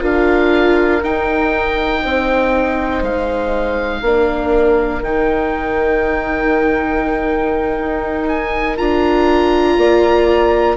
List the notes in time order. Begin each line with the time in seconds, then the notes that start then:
0.00 D4 F4 A#4 F5
1.04 D#4 G5
2.03 C4 C5
3.02 G#3 F5
4.02 A#3 D4 A#4
5.03 D#3 D#4 G5
7.79 D#4
8.29 G#5
8.78 D4 F4 A#5
9.78 A#3 D5